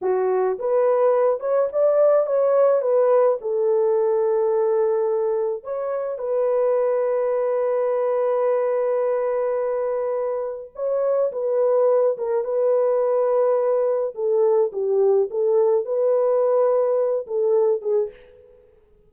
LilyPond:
\new Staff \with { instrumentName = "horn" } { \time 4/4 \tempo 4 = 106 fis'4 b'4. cis''8 d''4 | cis''4 b'4 a'2~ | a'2 cis''4 b'4~ | b'1~ |
b'2. cis''4 | b'4. ais'8 b'2~ | b'4 a'4 g'4 a'4 | b'2~ b'8 a'4 gis'8 | }